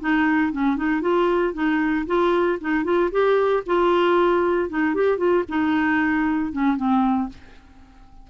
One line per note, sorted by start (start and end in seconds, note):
0.00 0.52 D#4
0.52 0.77 C#4
0.77 1.01 D#4
1.01 1.53 F4
1.53 2.06 D#4
2.07 2.59 F4
2.61 2.84 D#4
2.84 3.10 F4
3.11 3.63 G4
3.66 4.69 F4
4.69 4.94 D#4
4.94 5.17 G4
5.17 5.44 F4
5.49 6.52 D#4
6.52 6.77 C#4
6.77 7.29 C4